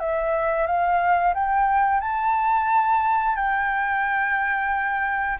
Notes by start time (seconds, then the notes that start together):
0.00 E5
0.66 F5
1.34 G5
2.01 A5
3.36 G5